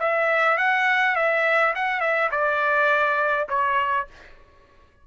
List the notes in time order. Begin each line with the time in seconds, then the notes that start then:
0.00 E5
0.58 F#5
1.16 E5
1.76 F#5
2.01 E5
2.32 D5
3.50 C#5